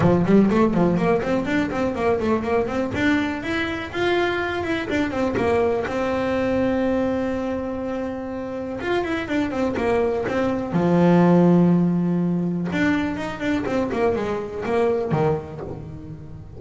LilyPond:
\new Staff \with { instrumentName = "double bass" } { \time 4/4 \tempo 4 = 123 f8 g8 a8 f8 ais8 c'8 d'8 c'8 | ais8 a8 ais8 c'8 d'4 e'4 | f'4. e'8 d'8 c'8 ais4 | c'1~ |
c'2 f'8 e'8 d'8 c'8 | ais4 c'4 f2~ | f2 d'4 dis'8 d'8 | c'8 ais8 gis4 ais4 dis4 | }